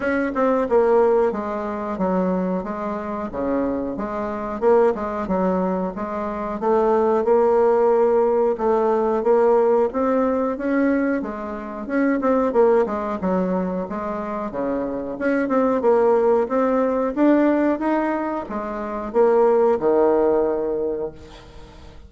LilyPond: \new Staff \with { instrumentName = "bassoon" } { \time 4/4 \tempo 4 = 91 cis'8 c'8 ais4 gis4 fis4 | gis4 cis4 gis4 ais8 gis8 | fis4 gis4 a4 ais4~ | ais4 a4 ais4 c'4 |
cis'4 gis4 cis'8 c'8 ais8 gis8 | fis4 gis4 cis4 cis'8 c'8 | ais4 c'4 d'4 dis'4 | gis4 ais4 dis2 | }